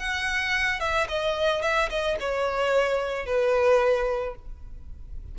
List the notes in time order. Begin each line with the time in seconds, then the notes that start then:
0.00 F#5
0.81 E5
1.09 D#5
1.63 E5
1.90 D#5
2.21 C#5
3.27 B4